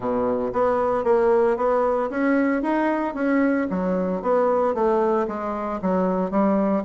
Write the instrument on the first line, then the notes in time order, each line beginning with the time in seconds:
bassoon
0.00 B2
0.52 B3
1.04 A#3
1.56 B3
2.10 C#4
2.62 D#4
3.14 C#4
3.70 F#3
4.22 B3
4.74 A3
5.27 G#3
5.81 F#3
6.31 G3